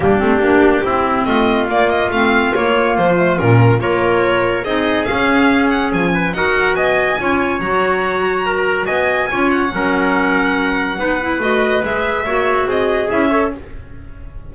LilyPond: <<
  \new Staff \with { instrumentName = "violin" } { \time 4/4 \tempo 4 = 142 g'2. dis''4 | d''8 dis''8 f''4 cis''4 c''4 | ais'4 cis''2 dis''4 | f''4. fis''8 gis''4 fis''4 |
gis''2 ais''2~ | ais''4 gis''4. fis''4.~ | fis''2. dis''4 | e''2 dis''4 e''4 | }
  \new Staff \with { instrumentName = "trumpet" } { \time 4/4 d'2 e'4 f'4~ | f'1~ | f'4 ais'2 gis'4~ | gis'2~ gis'8 b'8 ais'4 |
dis''4 cis''2. | ais'4 dis''4 cis''4 ais'4~ | ais'2 b'2~ | b'4 cis''4 gis'4. cis''8 | }
  \new Staff \with { instrumentName = "clarinet" } { \time 4/4 ais8 c'8 d'4 c'2 | ais4 c'4 ais4. a8 | cis'4 f'2 dis'4 | cis'2. fis'4~ |
fis'4 f'4 fis'2~ | fis'2 f'4 cis'4~ | cis'2 dis'8 e'8 fis'4 | gis'4 fis'2 e'8 a'8 | }
  \new Staff \with { instrumentName = "double bass" } { \time 4/4 g8 a8 ais4 c'4 a4 | ais4 a4 ais4 f4 | ais,4 ais2 c'4 | cis'2 f4 dis'4 |
b4 cis'4 fis2~ | fis4 b4 cis'4 fis4~ | fis2 b4 a4 | gis4 ais4 c'4 cis'4 | }
>>